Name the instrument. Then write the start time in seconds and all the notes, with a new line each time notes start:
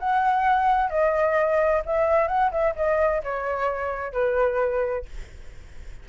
flute
0.00 F#5
0.90 D#5
1.86 E5
2.28 F#5
2.52 E5
2.76 D#5
3.24 C#5
4.13 B4